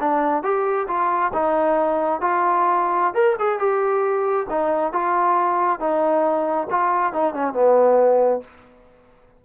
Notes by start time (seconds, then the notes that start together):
0.00 D4
0.43 G4
0.88 F4
1.33 D#4
2.21 F4
3.14 A#4
3.39 G#4
3.59 G4
4.50 D#4
4.92 F4
5.80 D#4
6.70 F4
7.13 D#4
7.34 C#4
7.53 B3